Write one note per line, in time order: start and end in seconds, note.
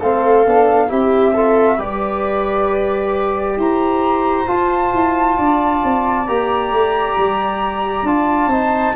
0.00 0.47 A3
0.00 0.46 C4
0.00 0.90 A4
0.00 0.91 F5
0.46 0.92 B3
0.46 0.88 D4
0.88 1.79 C4
0.88 1.33 E4
0.88 1.35 G4
0.88 1.81 E5
1.35 1.79 F4
1.35 1.77 A4
1.77 3.57 G3
1.77 4.48 G4
1.77 3.56 B4
1.77 3.60 D5
3.57 4.47 E4
3.57 5.39 C5
3.57 4.49 A#5
4.48 6.27 F4
4.48 4.93 F4
4.48 6.28 A5
4.93 5.38 E4
5.39 5.84 D4
5.39 8.50 D5
5.84 6.29 C4
6.28 6.72 A#3
6.28 8.07 G4
6.28 8.07 A#5
6.72 7.17 A3
7.18 8.03 G3
8.03 8.48 D4
8.03 8.52 F4
8.03 8.96 A5
8.48 8.92 C4
8.48 8.96 D#4
8.48 8.95 C5